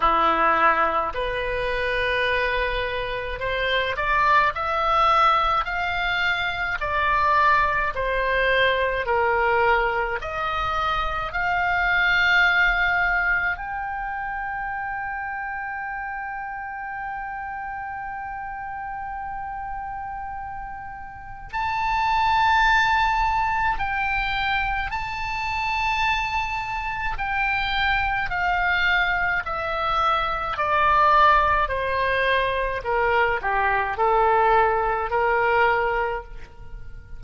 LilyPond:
\new Staff \with { instrumentName = "oboe" } { \time 4/4 \tempo 4 = 53 e'4 b'2 c''8 d''8 | e''4 f''4 d''4 c''4 | ais'4 dis''4 f''2 | g''1~ |
g''2. a''4~ | a''4 g''4 a''2 | g''4 f''4 e''4 d''4 | c''4 ais'8 g'8 a'4 ais'4 | }